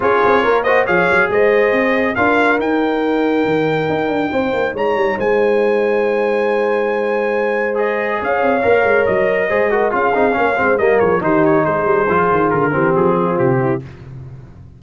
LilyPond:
<<
  \new Staff \with { instrumentName = "trumpet" } { \time 4/4 \tempo 4 = 139 cis''4. dis''8 f''4 dis''4~ | dis''4 f''4 g''2~ | g''2. ais''4 | gis''1~ |
gis''2 dis''4 f''4~ | f''4 dis''2 f''4~ | f''4 dis''8 cis''8 c''8 cis''8 c''4~ | c''4 ais'4 gis'4 g'4 | }
  \new Staff \with { instrumentName = "horn" } { \time 4/4 gis'4 ais'8 c''8 cis''4 c''4~ | c''4 ais'2.~ | ais'2 c''4 cis''4 | c''1~ |
c''2. cis''4~ | cis''2 c''8 ais'8 gis'4 | cis''8 c''8 ais'8 gis'8 g'4 gis'4~ | gis'4. g'4 f'4 e'8 | }
  \new Staff \with { instrumentName = "trombone" } { \time 4/4 f'4. fis'8 gis'2~ | gis'4 f'4 dis'2~ | dis'1~ | dis'1~ |
dis'2 gis'2 | ais'2 gis'8 fis'8 f'8 dis'8 | cis'8 c'8 ais4 dis'2 | f'4. c'2~ c'8 | }
  \new Staff \with { instrumentName = "tuba" } { \time 4/4 cis'8 c'8 ais4 f8 fis8 gis4 | c'4 d'4 dis'2 | dis4 dis'8 d'8 c'8 ais8 gis8 g8 | gis1~ |
gis2. cis'8 c'8 | ais8 gis8 fis4 gis4 cis'8 c'8 | ais8 gis8 g8 f8 dis4 gis8 g8 | f8 dis8 d8 e8 f4 c4 | }
>>